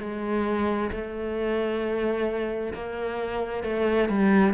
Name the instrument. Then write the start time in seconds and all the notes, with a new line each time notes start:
cello
0.00 G#3
0.92 A3
2.74 A#3
3.64 A3
4.09 G3